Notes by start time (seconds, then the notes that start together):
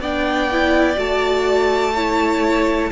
0.00 B3 D4 D5 G5
0.52 E4
0.96 A3 F#4 A5
1.94 E4 C#5